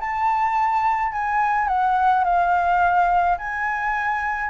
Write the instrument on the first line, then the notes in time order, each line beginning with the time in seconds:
flute
0.00 A5
1.12 G#5
1.67 F#5
2.24 F5
3.38 G#5